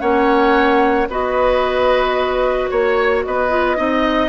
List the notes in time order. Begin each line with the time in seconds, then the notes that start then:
0.00 A#3 C#4 C#5 F#5
1.08 B3 F#4 B4 D#5
2.69 A#3 C#5
3.24 B3 B4 D#5
3.50 F4
3.76 C4 D#4 D#5